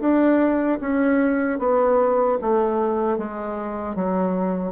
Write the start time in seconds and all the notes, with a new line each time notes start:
0.00 D4
0.81 C#4
1.59 B3
2.41 A3
3.18 G#3
3.95 F#3